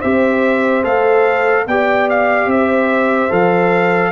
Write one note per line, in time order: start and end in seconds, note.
0.00 0.85 C4
0.00 0.84 G4
0.00 1.64 C5
0.00 0.84 E5
0.84 1.67 A3
0.84 1.66 A4
0.84 1.67 F5
1.67 2.46 B3
1.67 3.30 G4
1.67 2.50 D5
1.67 2.09 G5
2.10 2.51 F5
2.46 3.28 C4
2.46 4.12 C5
2.46 3.33 E5
3.30 4.12 F3
3.30 4.12 A4
3.30 4.12 F5